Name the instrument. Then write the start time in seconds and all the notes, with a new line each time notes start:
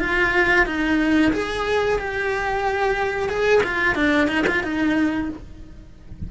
cello
0.00 F4
0.66 D#4
1.33 G#4
1.99 G4
3.29 G#4
3.64 F4
3.95 D4
4.28 D#4
4.47 F4
4.63 D#4